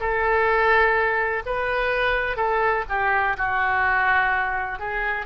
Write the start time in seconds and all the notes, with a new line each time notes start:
0.00 A4
1.45 B4
2.37 A4
2.89 G4
3.38 F#4
4.79 G#4